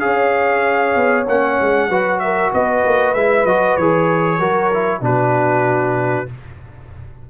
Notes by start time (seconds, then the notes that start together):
0.00 C#4 G#4 C#5 F5
0.96 B3
1.28 A#3 C#4 F#5
1.62 G#3
1.89 F#3 F#4 B4
2.20 A#4 E5
2.53 B3 B4 D#5
2.86 A#3
3.14 G#3 E4 E5
3.45 F#3 F#4 D#5
3.77 E3 G#4 C#5
4.39 F#3 F#4 A#4
4.74 E4
5.02 B2 D4 F#4 B4